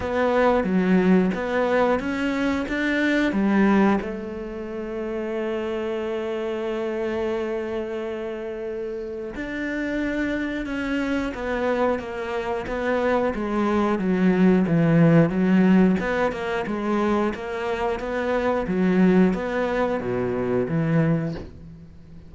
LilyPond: \new Staff \with { instrumentName = "cello" } { \time 4/4 \tempo 4 = 90 b4 fis4 b4 cis'4 | d'4 g4 a2~ | a1~ | a2 d'2 |
cis'4 b4 ais4 b4 | gis4 fis4 e4 fis4 | b8 ais8 gis4 ais4 b4 | fis4 b4 b,4 e4 | }